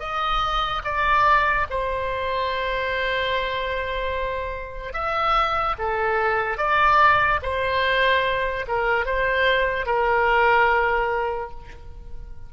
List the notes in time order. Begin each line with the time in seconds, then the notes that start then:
0.00 D#5
0.85 D5
1.70 C5
4.94 E5
5.79 A4
6.58 D5
7.43 C5
8.68 A#4
9.06 C5
9.86 A#4